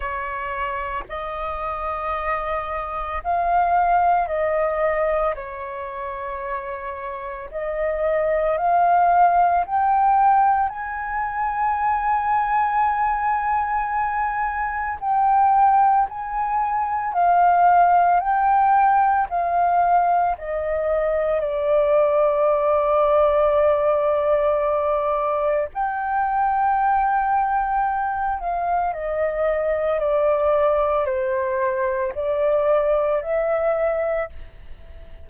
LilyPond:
\new Staff \with { instrumentName = "flute" } { \time 4/4 \tempo 4 = 56 cis''4 dis''2 f''4 | dis''4 cis''2 dis''4 | f''4 g''4 gis''2~ | gis''2 g''4 gis''4 |
f''4 g''4 f''4 dis''4 | d''1 | g''2~ g''8 f''8 dis''4 | d''4 c''4 d''4 e''4 | }